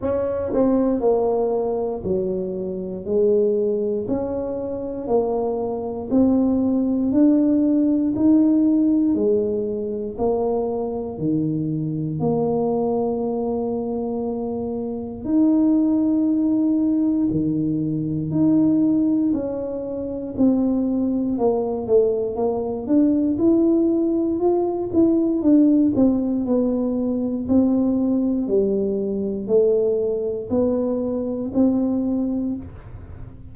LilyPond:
\new Staff \with { instrumentName = "tuba" } { \time 4/4 \tempo 4 = 59 cis'8 c'8 ais4 fis4 gis4 | cis'4 ais4 c'4 d'4 | dis'4 gis4 ais4 dis4 | ais2. dis'4~ |
dis'4 dis4 dis'4 cis'4 | c'4 ais8 a8 ais8 d'8 e'4 | f'8 e'8 d'8 c'8 b4 c'4 | g4 a4 b4 c'4 | }